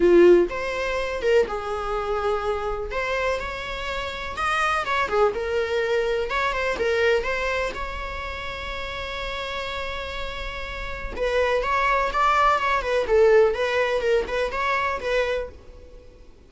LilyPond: \new Staff \with { instrumentName = "viola" } { \time 4/4 \tempo 4 = 124 f'4 c''4. ais'8 gis'4~ | gis'2 c''4 cis''4~ | cis''4 dis''4 cis''8 gis'8 ais'4~ | ais'4 cis''8 c''8 ais'4 c''4 |
cis''1~ | cis''2. b'4 | cis''4 d''4 cis''8 b'8 a'4 | b'4 ais'8 b'8 cis''4 b'4 | }